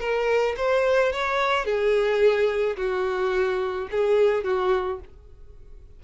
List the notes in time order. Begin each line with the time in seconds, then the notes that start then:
0.00 A#4
0.57 C5
1.12 C#5
1.65 G#4
2.77 F#4
3.91 G#4
4.44 F#4